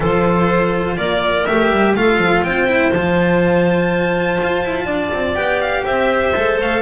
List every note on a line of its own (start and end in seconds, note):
0.00 0.97 F3
0.00 1.44 F4
0.00 0.96 A4
0.00 0.97 C5
0.96 1.47 A#3
0.96 1.94 A#4
0.96 1.45 D5
1.45 1.70 A3
1.45 1.97 G4
1.45 1.94 E5
1.70 1.95 G3
1.95 2.17 A3
1.95 2.67 F4
1.95 2.46 A4
1.95 2.43 F5
2.17 2.41 F3
2.42 2.91 C4
2.42 4.85 C5
2.42 2.92 G5
2.67 2.91 E4
2.92 4.39 F3
2.92 5.35 F4
2.92 5.35 A5
4.42 4.64 F4
4.64 4.86 E4
4.85 5.11 D4
4.85 5.82 D5
5.13 5.35 C4
5.35 5.84 B3
5.35 6.33 G4
5.35 5.59 G5
5.60 5.84 F5
5.84 6.35 C4
5.84 6.82 C5
5.84 6.58 E5
6.35 6.59 G#3
6.35 6.82 A4
6.59 6.82 A3
6.59 6.82 F5